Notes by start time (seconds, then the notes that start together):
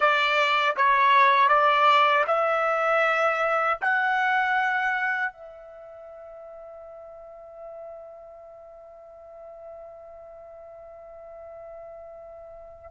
0.00 D5
0.76 C#5
1.48 D5
2.27 E5
3.81 F#5
5.32 E5